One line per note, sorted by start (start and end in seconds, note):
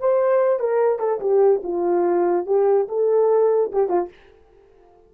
0.00 0.59 C5
0.59 0.99 A#4
0.99 1.20 A4
1.20 1.62 G4
1.63 2.46 F4
2.46 2.88 G4
2.88 3.72 A4
3.72 3.89 G4
3.89 4.09 F4